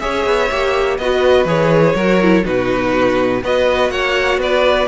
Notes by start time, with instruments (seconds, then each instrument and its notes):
0.00 cello C#4, viola G#4, violin C#5 E5
0.26 cello B3
0.51 cello A#3, viola G4
0.98 cello B3, viola F#4, violin B4 D#5
1.45 cello E3, viola G#4, violin C#5
1.95 cello F#3, viola F#4, violin A#4
2.22 viola E4
2.44 cello B2, viola D#4, violin F#4 B4
3.43 cello B3, viola F#4, violin B4 D#5
3.90 cello A#3, violin C#5 F#5
4.37 cello B3, violin B4 D5